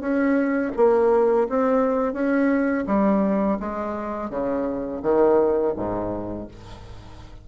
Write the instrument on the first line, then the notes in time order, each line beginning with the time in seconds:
bassoon
0.00 C#4
0.76 A#3
1.49 C4
2.13 C#4
2.87 G3
3.59 G#3
4.30 C#3
5.02 D#3
5.76 G#2